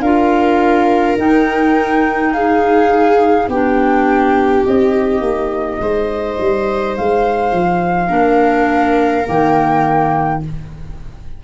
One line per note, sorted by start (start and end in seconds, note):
0.00 1.15 D4
0.00 1.18 F4
0.00 2.32 A#4
0.00 1.16 F5
1.17 3.48 D#4
1.17 3.49 D#4
1.17 2.33 G5
2.33 3.49 G#4
2.33 3.48 F5
3.48 4.63 B3
3.48 4.67 D4
3.48 5.80 G4
3.48 4.65 G5
4.66 5.20 C4
4.66 8.09 D#4
4.66 6.96 D#5
5.20 5.78 A#3
5.80 6.37 G#3
5.80 8.08 C5
6.40 6.97 G3
6.96 7.52 G#3
6.96 9.27 F5
7.52 8.09 F3
8.08 9.25 A#3
8.08 9.24 D4
8.08 10.38 A#4
9.25 10.44 D#3
9.25 10.40 A#3
9.25 10.43 G5